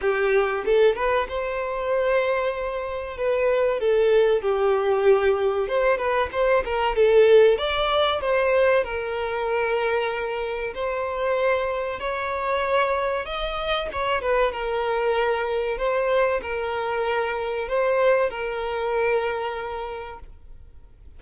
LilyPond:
\new Staff \with { instrumentName = "violin" } { \time 4/4 \tempo 4 = 95 g'4 a'8 b'8 c''2~ | c''4 b'4 a'4 g'4~ | g'4 c''8 b'8 c''8 ais'8 a'4 | d''4 c''4 ais'2~ |
ais'4 c''2 cis''4~ | cis''4 dis''4 cis''8 b'8 ais'4~ | ais'4 c''4 ais'2 | c''4 ais'2. | }